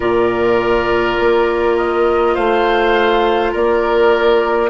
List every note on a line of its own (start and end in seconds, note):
0.00 1.17 A#2
0.00 4.69 F4
0.00 2.34 A#4
0.00 1.76 D5
1.19 2.36 A#3
1.76 2.35 D#5
2.34 3.53 A3
2.34 3.51 C5
2.34 3.53 F5
3.51 4.69 A#3
3.51 4.69 A#4
3.51 4.69 D5